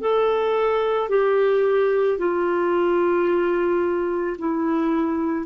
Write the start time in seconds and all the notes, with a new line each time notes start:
0.00 A4
1.09 G4
2.18 F4
4.38 E4